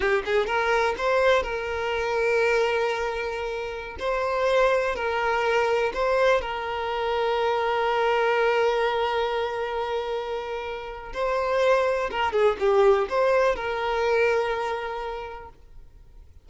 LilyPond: \new Staff \with { instrumentName = "violin" } { \time 4/4 \tempo 4 = 124 g'8 gis'8 ais'4 c''4 ais'4~ | ais'1~ | ais'16 c''2 ais'4.~ ais'16~ | ais'16 c''4 ais'2~ ais'8.~ |
ais'1~ | ais'2. c''4~ | c''4 ais'8 gis'8 g'4 c''4 | ais'1 | }